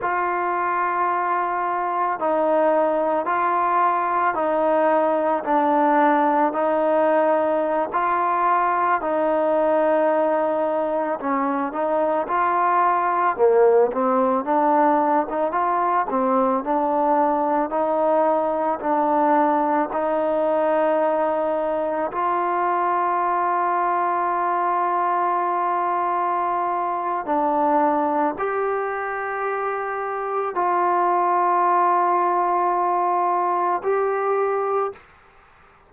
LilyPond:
\new Staff \with { instrumentName = "trombone" } { \time 4/4 \tempo 4 = 55 f'2 dis'4 f'4 | dis'4 d'4 dis'4~ dis'16 f'8.~ | f'16 dis'2 cis'8 dis'8 f'8.~ | f'16 ais8 c'8 d'8. dis'16 f'8 c'8 d'8.~ |
d'16 dis'4 d'4 dis'4.~ dis'16~ | dis'16 f'2.~ f'8.~ | f'4 d'4 g'2 | f'2. g'4 | }